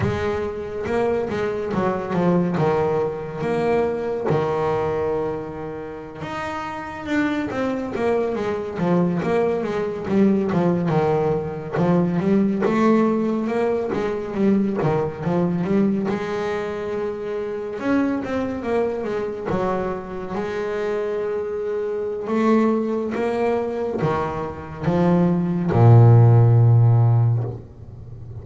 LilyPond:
\new Staff \with { instrumentName = "double bass" } { \time 4/4 \tempo 4 = 70 gis4 ais8 gis8 fis8 f8 dis4 | ais4 dis2~ dis16 dis'8.~ | dis'16 d'8 c'8 ais8 gis8 f8 ais8 gis8 g16~ | g16 f8 dis4 f8 g8 a4 ais16~ |
ais16 gis8 g8 dis8 f8 g8 gis4~ gis16~ | gis8. cis'8 c'8 ais8 gis8 fis4 gis16~ | gis2 a4 ais4 | dis4 f4 ais,2 | }